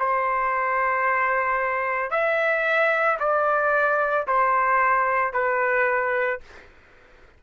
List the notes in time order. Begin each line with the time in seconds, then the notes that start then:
0.00 C5
2.11 E5
3.20 D5
4.28 C5
5.34 B4